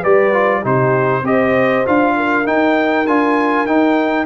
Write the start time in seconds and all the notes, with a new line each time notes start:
0.00 G3 G4 B4 D5
0.32 F4
0.62 C3 D#4 G4 C5
1.22 C4 G4 C5 D#5
1.85 D4 F4 F5
2.16 A#4
2.45 D#4 G5
3.06 D4 F4 G#5
3.66 D#4 G5